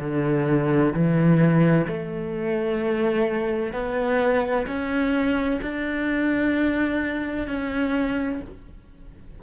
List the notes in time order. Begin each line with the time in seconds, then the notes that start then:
0.00 D3
0.94 E3
1.88 A3
3.73 B3
4.67 C#4
5.62 D4
7.47 C#4